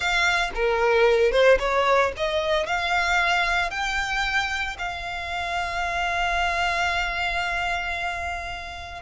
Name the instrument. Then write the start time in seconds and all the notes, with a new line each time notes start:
violin
0.00 F5
0.54 A#4
1.31 C5
1.59 C#5
2.16 D#5
2.66 F5
3.70 G5
4.78 F5